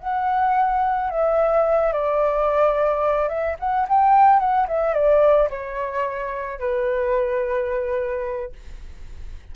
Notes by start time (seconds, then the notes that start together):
0.00 F#5
1.10 E5
1.93 D5
3.29 E5
3.60 F#5
3.89 G5
4.40 F#5
4.68 E5
4.94 D5
5.50 C#5
6.60 B4